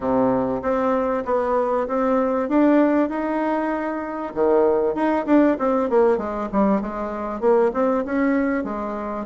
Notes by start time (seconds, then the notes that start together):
0.00 C3
0.62 C4
1.25 B3
1.87 C4
2.48 D4
3.09 D#4
4.34 D#3
4.95 D#4
5.26 D4
5.58 C4
5.89 A#3
6.17 G#3
6.52 G3
6.81 G#3
7.40 A#3
7.73 C4
8.05 C#4
8.64 G#3